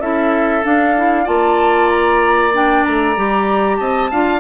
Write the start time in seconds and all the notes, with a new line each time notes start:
0.00 C#4 E4 A4 E5
0.63 D4 F5
0.97 E4
1.24 A#3 F4 D5 A5
1.89 A#5
2.53 D4 G5
2.84 A3 A#5
3.16 G3 G4
3.77 C4 D#5 A5
4.11 D4 F4 F5